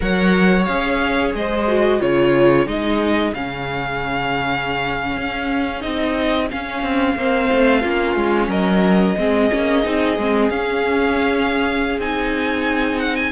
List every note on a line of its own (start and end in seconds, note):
0.00 0.67 F#3
0.00 0.64 A#4
0.00 1.35 C#5
0.00 0.64 F#5
0.64 1.34 C#4
0.64 1.67 G#4
0.64 1.31 F5
1.34 2.01 G#3
1.34 2.01 C5
1.34 2.01 D#5
1.67 1.99 F#4
1.99 2.66 C#3
1.99 2.66 F4
1.99 7.17 G#4
1.99 2.67 C#5
2.66 3.33 G#3
2.66 3.33 D#4
2.66 3.34 D#5
3.34 5.17 C#3
3.34 5.80 C#4
3.34 5.81 F5
5.17 5.84 C#4
5.80 6.50 C4
5.80 6.47 D#4
5.80 6.47 D#5
6.50 7.17 C#4
6.50 6.82 C#4
6.50 8.49 F5
6.82 7.15 C4
7.16 7.49 A#3
7.16 7.82 C4
7.16 7.81 C5
7.51 7.84 A3
7.81 8.15 A#3
7.81 9.16 C#4
7.81 8.48 F4
8.15 8.48 G#3
8.48 9.14 F#3
8.48 9.16 A#4
8.48 10.49 D#5
9.17 9.51 G#3
9.17 9.50 C4
9.17 13.31 G#4
9.50 9.85 A#3
9.50 9.83 C#4
9.83 10.17 C4
9.83 10.16 D#4
10.17 10.49 G#3
10.17 10.51 C4
10.49 11.98 C#4
10.49 12.00 C#4
10.49 11.99 F5
11.98 13.31 C4
11.98 13.31 D#4
11.98 12.99 G#5
12.99 13.15 F#5
13.15 13.31 G#5